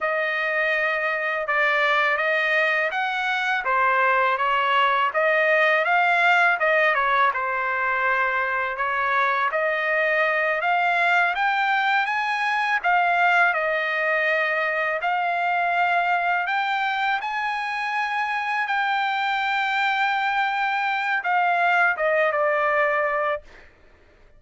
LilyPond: \new Staff \with { instrumentName = "trumpet" } { \time 4/4 \tempo 4 = 82 dis''2 d''4 dis''4 | fis''4 c''4 cis''4 dis''4 | f''4 dis''8 cis''8 c''2 | cis''4 dis''4. f''4 g''8~ |
g''8 gis''4 f''4 dis''4.~ | dis''8 f''2 g''4 gis''8~ | gis''4. g''2~ g''8~ | g''4 f''4 dis''8 d''4. | }